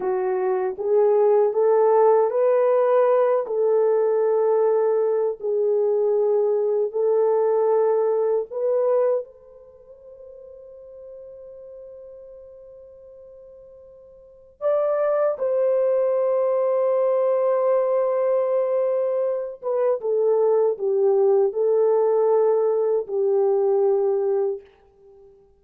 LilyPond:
\new Staff \with { instrumentName = "horn" } { \time 4/4 \tempo 4 = 78 fis'4 gis'4 a'4 b'4~ | b'8 a'2~ a'8 gis'4~ | gis'4 a'2 b'4 | c''1~ |
c''2. d''4 | c''1~ | c''4. b'8 a'4 g'4 | a'2 g'2 | }